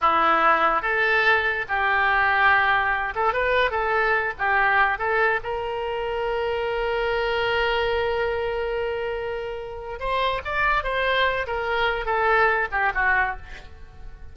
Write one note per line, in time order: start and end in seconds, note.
0.01 0.82 E4
0.82 1.65 A4
1.68 3.14 G4
3.15 3.33 A4
3.33 3.70 B4
3.70 4.33 A4
4.38 4.98 G4
4.98 5.40 A4
5.43 9.99 A#4
9.99 10.41 C5
10.44 10.83 D5
10.83 11.46 C5
11.46 12.05 A#4
12.05 12.68 A4
12.71 12.92 G4
12.94 13.36 F#4